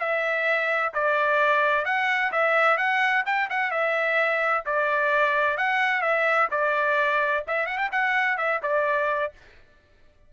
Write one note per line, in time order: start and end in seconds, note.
0.00 0.93 E5
0.94 1.85 D5
1.85 2.32 F#5
2.33 2.78 E5
2.78 3.24 F#5
3.26 3.49 G5
3.50 3.71 F#5
3.71 4.64 E5
4.66 5.58 D5
5.58 6.02 F#5
6.02 6.49 E5
6.52 7.45 D5
7.48 7.67 E5
7.67 7.78 F#5
7.78 7.90 G5
7.92 8.38 F#5
8.38 8.61 E5
8.63 9.33 D5